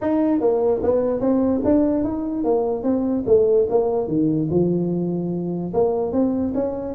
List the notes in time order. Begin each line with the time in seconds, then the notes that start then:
0.01 D#4
0.40 A#3
0.83 B3
1.20 C4
1.64 D4
2.04 D#4
2.44 A#3
2.83 C4
3.26 A3
3.69 A#3
4.07 D#3
4.50 F3
5.73 A#3
6.12 C4
6.54 C#4